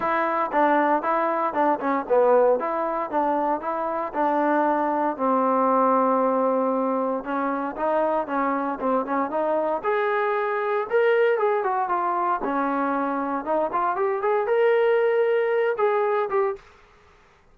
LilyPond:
\new Staff \with { instrumentName = "trombone" } { \time 4/4 \tempo 4 = 116 e'4 d'4 e'4 d'8 cis'8 | b4 e'4 d'4 e'4 | d'2 c'2~ | c'2 cis'4 dis'4 |
cis'4 c'8 cis'8 dis'4 gis'4~ | gis'4 ais'4 gis'8 fis'8 f'4 | cis'2 dis'8 f'8 g'8 gis'8 | ais'2~ ais'8 gis'4 g'8 | }